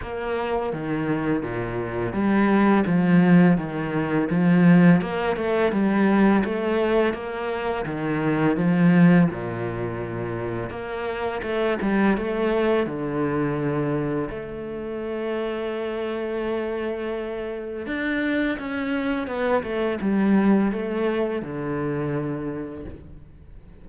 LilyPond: \new Staff \with { instrumentName = "cello" } { \time 4/4 \tempo 4 = 84 ais4 dis4 ais,4 g4 | f4 dis4 f4 ais8 a8 | g4 a4 ais4 dis4 | f4 ais,2 ais4 |
a8 g8 a4 d2 | a1~ | a4 d'4 cis'4 b8 a8 | g4 a4 d2 | }